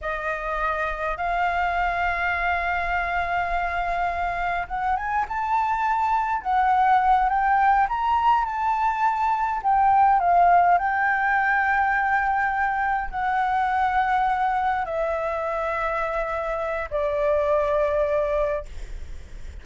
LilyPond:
\new Staff \with { instrumentName = "flute" } { \time 4/4 \tempo 4 = 103 dis''2 f''2~ | f''1 | fis''8 gis''8 a''2 fis''4~ | fis''8 g''4 ais''4 a''4.~ |
a''8 g''4 f''4 g''4.~ | g''2~ g''8 fis''4.~ | fis''4. e''2~ e''8~ | e''4 d''2. | }